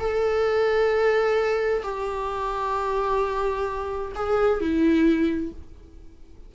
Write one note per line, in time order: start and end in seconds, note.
0.00 1.83 A4
1.84 4.13 G4
4.16 4.61 G#4
4.61 5.53 E4